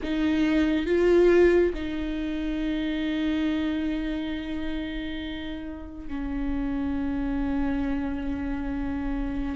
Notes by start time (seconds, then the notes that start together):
0.02 D#4
0.86 F4
1.74 D#4
6.08 C#4